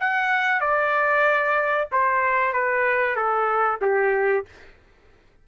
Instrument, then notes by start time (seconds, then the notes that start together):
trumpet
0.00 F#5
0.61 D5
1.92 C5
2.53 B4
3.16 A4
3.82 G4